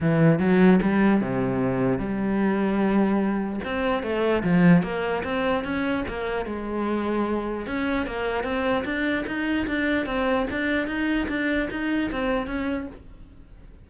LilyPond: \new Staff \with { instrumentName = "cello" } { \time 4/4 \tempo 4 = 149 e4 fis4 g4 c4~ | c4 g2.~ | g4 c'4 a4 f4 | ais4 c'4 cis'4 ais4 |
gis2. cis'4 | ais4 c'4 d'4 dis'4 | d'4 c'4 d'4 dis'4 | d'4 dis'4 c'4 cis'4 | }